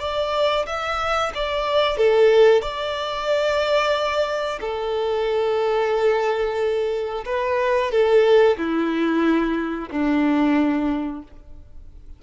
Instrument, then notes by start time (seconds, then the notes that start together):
violin
0.00 D5
0.67 E5
1.35 D5
1.98 A4
2.62 D5
4.61 A4
7.26 B4
7.92 A4
8.58 E4
9.91 D4